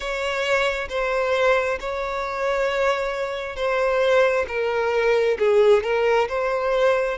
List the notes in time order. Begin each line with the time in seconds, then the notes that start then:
0.00 C#5
0.89 C5
1.80 C#5
3.56 C5
4.48 A#4
5.38 G#4
5.82 A#4
6.28 C5